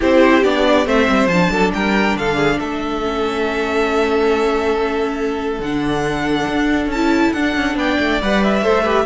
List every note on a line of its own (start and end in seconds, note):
0.00 0.43 C4
0.00 0.43 E4
0.00 0.86 G4
0.00 0.43 C5
0.43 0.86 B3
0.43 0.85 D4
0.43 0.86 D5
0.85 1.08 A3
0.85 1.28 C4
0.85 1.51 C5
0.85 1.27 E5
1.09 1.27 G3
1.27 1.48 F3
1.27 3.02 D4
1.27 1.70 A5
1.50 1.72 F#3
1.50 1.72 A4
1.73 2.15 G3
1.73 2.18 A#4
1.73 2.16 G5
2.15 2.58 D3
2.15 2.35 A4
2.15 2.59 F5
2.35 2.57 G#4
2.59 5.59 A3
2.59 7.77 A4
2.59 5.61 E5
3.02 5.61 C#4
5.59 6.45 D3
5.59 6.91 F#5
5.65 6.95 D4
6.48 6.86 D4
6.86 7.29 C#4
6.86 7.32 A5
6.95 7.37 E4
7.32 7.55 D4
7.32 8.21 D4
7.32 7.76 F#5
7.55 7.75 C#4
7.75 7.97 B3
7.75 8.63 D5
7.75 8.21 G5
7.99 8.21 A3
8.21 8.63 G3
8.21 8.63 B4
8.21 8.43 F#5
8.43 9.05 E5
8.63 9.05 A3
8.63 8.84 A4
8.63 8.83 C5
8.83 9.05 G4
8.83 9.05 B4